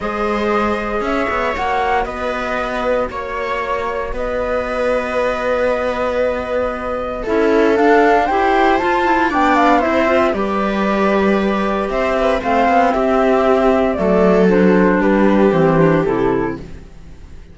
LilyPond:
<<
  \new Staff \with { instrumentName = "flute" } { \time 4/4 \tempo 4 = 116 dis''2 e''4 fis''4 | dis''2 cis''2 | dis''1~ | dis''2 e''4 f''4 |
g''4 a''4 g''8 f''8 e''4 | d''2. e''4 | f''4 e''2 d''4 | c''4 b'4 c''4 a'4 | }
  \new Staff \with { instrumentName = "viola" } { \time 4/4 c''2 cis''2 | b'2 cis''2 | b'1~ | b'2 a'2 |
c''2 d''4 c''4 | b'2. c''8 b'8 | c''4 g'2 a'4~ | a'4 g'2. | }
  \new Staff \with { instrumentName = "clarinet" } { \time 4/4 gis'2. fis'4~ | fis'1~ | fis'1~ | fis'2 e'4 d'4 |
g'4 f'8 e'8 d'4 e'8 f'8 | g'1 | c'2. a4 | d'2 c'8 d'8 e'4 | }
  \new Staff \with { instrumentName = "cello" } { \time 4/4 gis2 cis'8 b8 ais4 | b2 ais2 | b1~ | b2 cis'4 d'4 |
e'4 f'4 b4 c'4 | g2. c'4 | a8 b8 c'2 fis4~ | fis4 g4 e4 c4 | }
>>